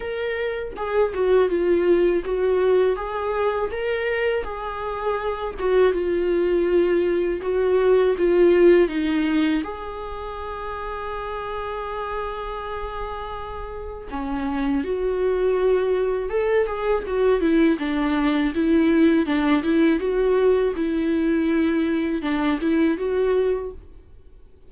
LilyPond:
\new Staff \with { instrumentName = "viola" } { \time 4/4 \tempo 4 = 81 ais'4 gis'8 fis'8 f'4 fis'4 | gis'4 ais'4 gis'4. fis'8 | f'2 fis'4 f'4 | dis'4 gis'2.~ |
gis'2. cis'4 | fis'2 a'8 gis'8 fis'8 e'8 | d'4 e'4 d'8 e'8 fis'4 | e'2 d'8 e'8 fis'4 | }